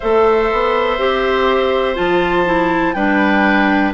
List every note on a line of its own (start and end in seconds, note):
0.00 0.52 A3
0.00 0.98 A4
0.00 2.95 C5
0.00 1.95 E5
0.52 0.98 B3
0.98 1.97 C4
0.98 1.95 G4
1.95 2.94 F3
1.95 2.44 F4
1.95 2.93 A5
2.45 2.94 E4
2.93 3.93 G3
2.93 3.93 D4
2.93 3.93 B4
2.93 3.92 G5